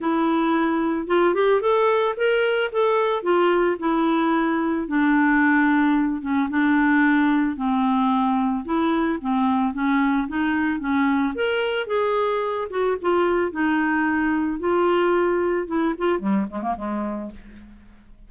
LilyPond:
\new Staff \with { instrumentName = "clarinet" } { \time 4/4 \tempo 4 = 111 e'2 f'8 g'8 a'4 | ais'4 a'4 f'4 e'4~ | e'4 d'2~ d'8 cis'8 | d'2 c'2 |
e'4 c'4 cis'4 dis'4 | cis'4 ais'4 gis'4. fis'8 | f'4 dis'2 f'4~ | f'4 e'8 f'8 g8 gis16 ais16 gis4 | }